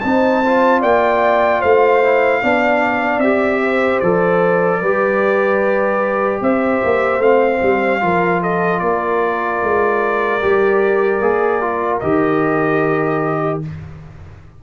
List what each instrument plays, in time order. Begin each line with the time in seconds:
0.00 tuba C4, trombone D#4, horn C5, trumpet A5
0.46 trombone F4
0.80 tuba A#3, horn D5, trumpet G5
1.60 tuba A3, horn C5, trumpet F5
2.03 trombone E4
2.42 tuba B3, trombone D4, horn D5
3.18 tuba C4, trombone G4, trumpet E5
3.63 horn C5
4.00 tuba F3, trombone A4, trumpet D5
4.80 tuba G3, trombone G4, horn B4
6.41 tuba C4, horn C5, trumpet E5
6.84 tuba A#3
7.19 tuba A3, trombone C4, trumpet F5
7.62 tuba G3
8.01 tuba F3, trombone F4, horn A#4
8.42 horn A4, trumpet D#5
8.79 tuba A#3, horn A#4, trumpet D5
9.62 tuba G#3
10.41 tuba G3, trombone G4
11.21 tuba A#3, trombone G#4
11.61 trombone F4
11.99 tuba D#3, trombone G4, trumpet D#5